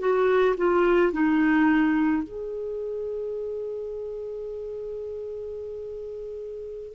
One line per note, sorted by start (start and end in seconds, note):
0.00 0.56 F#4
0.57 1.13 F4
1.13 2.24 D#4
2.24 6.95 G#4